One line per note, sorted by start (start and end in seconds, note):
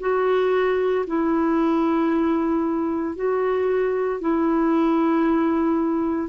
0.00 1.05 F#4
1.07 3.16 E4
3.16 4.21 F#4
4.21 6.29 E4